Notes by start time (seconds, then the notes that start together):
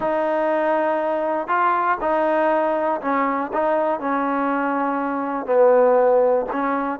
0.00 D#4
1.47 F4
2.00 D#4
3.01 C#4
3.53 D#4
4.00 C#4
5.45 B3
6.52 C#4